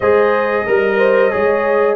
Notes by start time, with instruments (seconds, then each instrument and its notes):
0.00 tuba G#3, trombone G#4, horn C5, trumpet D#5
0.66 tuba G3, horn A#4, trombone A#4
0.97 horn C5
1.30 tuba G#3, trombone G#4, horn C#5